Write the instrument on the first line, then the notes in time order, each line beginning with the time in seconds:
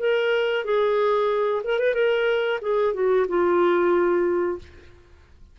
clarinet
0.00 A#4
0.65 G#4
1.64 A#4
1.80 B4
1.95 A#4
2.62 G#4
2.94 F#4
3.28 F4